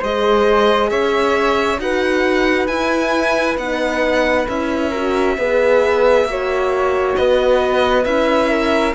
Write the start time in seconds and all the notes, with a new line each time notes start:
0.00 G#3 G#4 C5 D#5
0.90 C#4 C#5 E5
1.79 D#4 F#4 B4 F#5
2.67 E4 G#5
3.58 B3 D#4 F#5
4.48 C#4 E4 E5
4.90 F#4 A#4
5.38 B3 G#4 B4
6.25 A#3 F#4
6.31 C#5
7.16 B3 B4 D#5
8.05 C#4 E4 E5
8.50 A#4